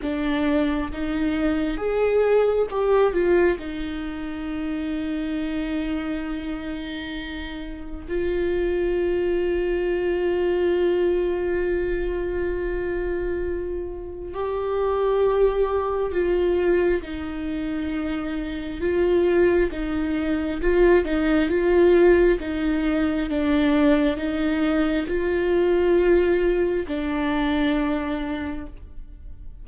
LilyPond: \new Staff \with { instrumentName = "viola" } { \time 4/4 \tempo 4 = 67 d'4 dis'4 gis'4 g'8 f'8 | dis'1~ | dis'4 f'2.~ | f'1 |
g'2 f'4 dis'4~ | dis'4 f'4 dis'4 f'8 dis'8 | f'4 dis'4 d'4 dis'4 | f'2 d'2 | }